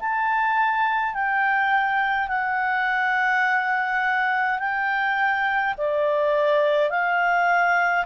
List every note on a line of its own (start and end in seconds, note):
0.00 1.14 A5
1.14 2.29 G5
2.29 4.59 F#5
4.59 5.75 G5
5.78 6.90 D5
6.90 8.06 F5